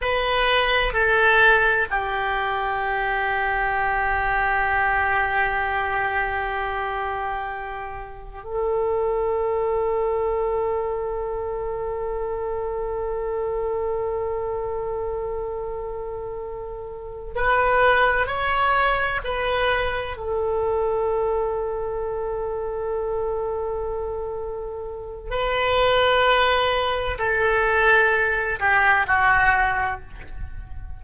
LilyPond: \new Staff \with { instrumentName = "oboe" } { \time 4/4 \tempo 4 = 64 b'4 a'4 g'2~ | g'1~ | g'4 a'2.~ | a'1~ |
a'2~ a'8 b'4 cis''8~ | cis''8 b'4 a'2~ a'8~ | a'2. b'4~ | b'4 a'4. g'8 fis'4 | }